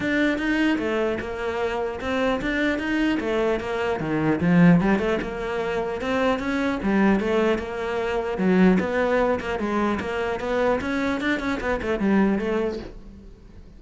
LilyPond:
\new Staff \with { instrumentName = "cello" } { \time 4/4 \tempo 4 = 150 d'4 dis'4 a4 ais4~ | ais4 c'4 d'4 dis'4 | a4 ais4 dis4 f4 | g8 a8 ais2 c'4 |
cis'4 g4 a4 ais4~ | ais4 fis4 b4. ais8 | gis4 ais4 b4 cis'4 | d'8 cis'8 b8 a8 g4 a4 | }